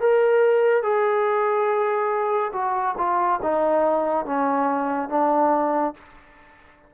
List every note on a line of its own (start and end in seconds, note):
0.00 0.83 A#4
0.83 2.52 G#4
2.53 2.95 F#4
2.98 3.40 F4
3.42 4.26 D#4
4.26 5.09 C#4
5.09 5.94 D4